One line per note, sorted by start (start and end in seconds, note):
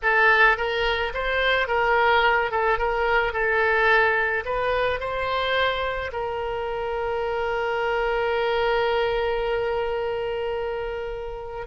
0.02 0.57 A4
0.57 1.12 A#4
1.14 1.67 C5
1.67 2.51 A#4
2.51 2.78 A4
2.78 3.32 A#4
3.32 4.43 A4
4.45 5.00 B4
5.00 6.11 C5
6.12 11.66 A#4